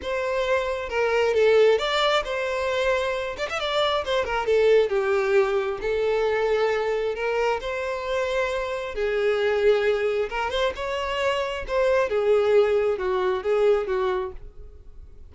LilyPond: \new Staff \with { instrumentName = "violin" } { \time 4/4 \tempo 4 = 134 c''2 ais'4 a'4 | d''4 c''2~ c''8 d''16 e''16 | d''4 c''8 ais'8 a'4 g'4~ | g'4 a'2. |
ais'4 c''2. | gis'2. ais'8 c''8 | cis''2 c''4 gis'4~ | gis'4 fis'4 gis'4 fis'4 | }